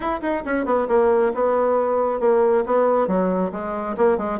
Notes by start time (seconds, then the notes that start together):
0.00 E4
0.21 D#4
0.45 C#4
0.65 B3
0.88 A#3
1.34 B3
2.20 A#3
2.66 B3
3.07 F#3
3.52 G#3
3.97 A#3
4.17 G#3